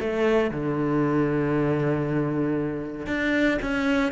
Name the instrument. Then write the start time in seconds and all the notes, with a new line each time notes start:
cello
0.00 A3
0.51 D3
3.07 D4
3.62 C#4